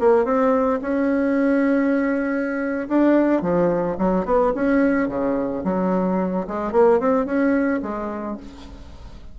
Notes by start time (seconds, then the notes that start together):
0.00 A#3
0.25 C4
0.82 C#4
2.89 D4
3.42 F3
3.99 F#3
4.26 B3
4.55 C#4
5.08 C#3
5.64 F#3
6.48 G#3
6.72 A#3
7.00 C4
7.26 C#4
7.83 G#3